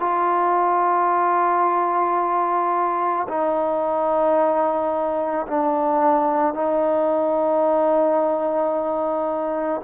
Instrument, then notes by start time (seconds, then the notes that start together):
trombone
0.00 F4
3.29 D#4
5.47 D4
6.54 D#4